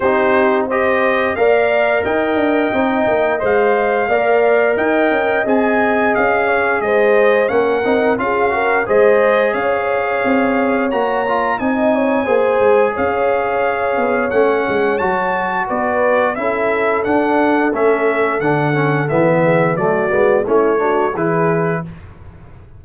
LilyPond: <<
  \new Staff \with { instrumentName = "trumpet" } { \time 4/4 \tempo 4 = 88 c''4 dis''4 f''4 g''4~ | g''4 f''2 g''4 | gis''4 f''4 dis''4 fis''4 | f''4 dis''4 f''2 |
ais''4 gis''2 f''4~ | f''4 fis''4 a''4 d''4 | e''4 fis''4 e''4 fis''4 | e''4 d''4 cis''4 b'4 | }
  \new Staff \with { instrumentName = "horn" } { \time 4/4 g'4 c''4 d''4 dis''4~ | dis''2 d''4 dis''4~ | dis''4. cis''8 c''4 ais'4 | gis'8 ais'8 c''4 cis''2~ |
cis''4 dis''8 cis''8 c''4 cis''4~ | cis''2. b'4 | a'1~ | a'8 gis'8 fis'4 e'8 fis'8 gis'4 | }
  \new Staff \with { instrumentName = "trombone" } { \time 4/4 dis'4 g'4 ais'2 | dis'4 c''4 ais'2 | gis'2. cis'8 dis'8 | f'8 fis'8 gis'2. |
fis'8 f'8 dis'4 gis'2~ | gis'4 cis'4 fis'2 | e'4 d'4 cis'4 d'8 cis'8 | b4 a8 b8 cis'8 d'8 e'4 | }
  \new Staff \with { instrumentName = "tuba" } { \time 4/4 c'2 ais4 dis'8 d'8 | c'8 ais8 gis4 ais4 dis'8 cis'8 | c'4 cis'4 gis4 ais8 c'8 | cis'4 gis4 cis'4 c'4 |
ais4 c'4 ais8 gis8 cis'4~ | cis'8 b8 a8 gis8 fis4 b4 | cis'4 d'4 a4 d4 | e4 fis8 gis8 a4 e4 | }
>>